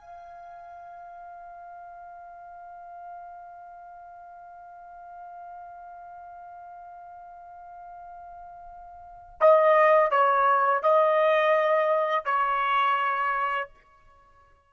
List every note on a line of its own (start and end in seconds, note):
0.00 9.40 F5
9.41 10.12 D#5
10.12 10.83 C#5
10.83 12.26 D#5
12.26 13.70 C#5